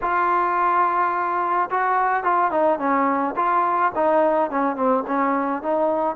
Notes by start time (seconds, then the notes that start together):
0.01 F4
1.70 F#4
2.23 F4
2.51 D#4
2.79 C#4
3.35 F4
3.95 D#4
4.50 C#4
4.76 C4
5.07 C#4
5.62 D#4